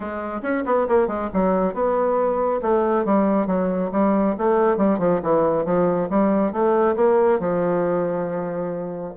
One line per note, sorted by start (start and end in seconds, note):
0.00 0.41 G#3
0.42 0.64 C#4
0.65 0.87 B3
0.88 1.07 A#3
1.07 1.29 G#3
1.33 1.74 F#3
1.74 2.60 B3
2.62 3.05 A3
3.05 3.46 G3
3.46 3.90 F#3
3.92 4.35 G3
4.38 4.77 A3
4.77 4.98 G3
4.98 5.20 F3
5.23 5.65 E3
5.65 6.08 F3
6.10 6.52 G3
6.52 6.95 A3
6.96 7.39 A#3
7.39 9.13 F3